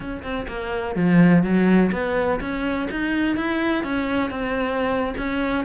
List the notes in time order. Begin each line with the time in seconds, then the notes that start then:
0.00 C#4
0.23 C4
0.48 A#3
0.95 F3
1.43 F#3
1.92 B3
2.40 C#4
2.90 D#4
3.36 E4
3.83 C#4
4.30 C4
5.17 C#4